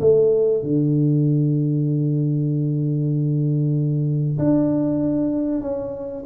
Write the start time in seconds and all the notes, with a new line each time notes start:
0.00 A3
0.62 D3
4.38 D4
5.61 C#4